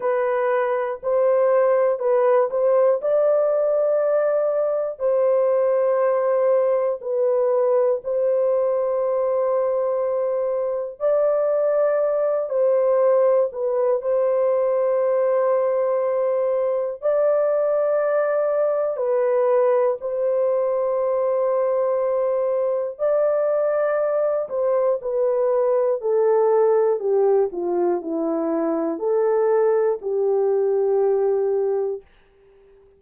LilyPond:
\new Staff \with { instrumentName = "horn" } { \time 4/4 \tempo 4 = 60 b'4 c''4 b'8 c''8 d''4~ | d''4 c''2 b'4 | c''2. d''4~ | d''8 c''4 b'8 c''2~ |
c''4 d''2 b'4 | c''2. d''4~ | d''8 c''8 b'4 a'4 g'8 f'8 | e'4 a'4 g'2 | }